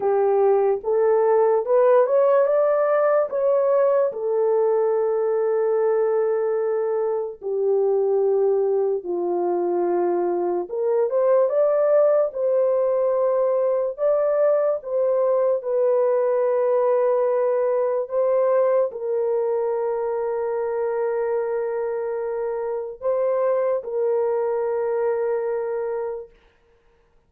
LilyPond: \new Staff \with { instrumentName = "horn" } { \time 4/4 \tempo 4 = 73 g'4 a'4 b'8 cis''8 d''4 | cis''4 a'2.~ | a'4 g'2 f'4~ | f'4 ais'8 c''8 d''4 c''4~ |
c''4 d''4 c''4 b'4~ | b'2 c''4 ais'4~ | ais'1 | c''4 ais'2. | }